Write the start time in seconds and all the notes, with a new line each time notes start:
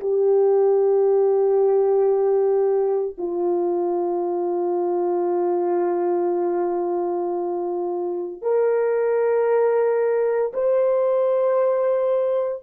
0.00 G4
3.18 F4
8.42 A#4
10.53 C5